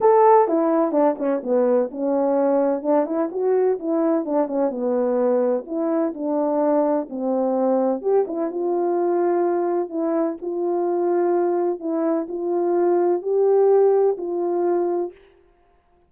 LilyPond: \new Staff \with { instrumentName = "horn" } { \time 4/4 \tempo 4 = 127 a'4 e'4 d'8 cis'8 b4 | cis'2 d'8 e'8 fis'4 | e'4 d'8 cis'8 b2 | e'4 d'2 c'4~ |
c'4 g'8 e'8 f'2~ | f'4 e'4 f'2~ | f'4 e'4 f'2 | g'2 f'2 | }